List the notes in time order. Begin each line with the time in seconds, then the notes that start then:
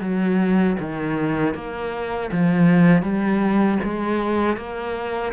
0.00 F#3
0.79 D#3
1.54 A#3
2.31 F3
3.02 G3
3.84 G#3
4.56 A#3